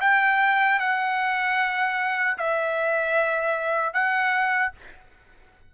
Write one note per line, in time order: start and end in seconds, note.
0.00 0.79 G5
0.79 2.37 F#5
2.38 3.93 E5
3.93 4.72 F#5